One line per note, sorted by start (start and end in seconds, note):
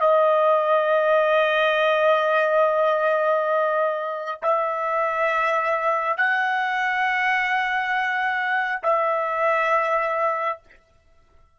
0.00 4.41 D#5
4.42 6.17 E5
6.17 8.82 F#5
8.83 10.59 E5